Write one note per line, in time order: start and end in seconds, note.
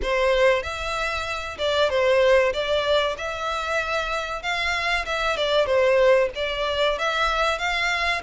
0.02 0.63 C5
0.63 1.57 E5
1.58 1.89 D5
1.89 2.53 C5
2.53 3.16 D5
3.18 4.42 E5
4.42 5.05 F5
5.05 5.37 E5
5.37 5.66 D5
5.66 6.29 C5
6.35 6.98 D5
6.98 7.58 E5
7.58 8.21 F5